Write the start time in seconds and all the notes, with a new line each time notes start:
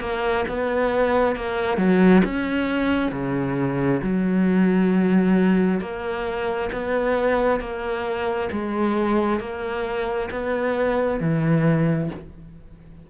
0.00 A#3
0.48 B3
1.36 A#3
1.77 F#3
2.24 C#4
3.11 C#3
4.03 F#3
5.80 A#3
6.72 B3
7.60 A#3
8.52 G#3
9.40 A#3
10.31 B3
11.20 E3